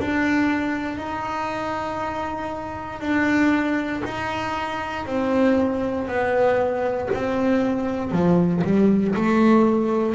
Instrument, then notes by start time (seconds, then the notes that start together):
double bass
0.00 D4
0.98 D#4
3.01 D4
4.05 D#4
5.06 C4
6.08 B3
7.14 C4
8.12 F3
8.64 G3
9.15 A3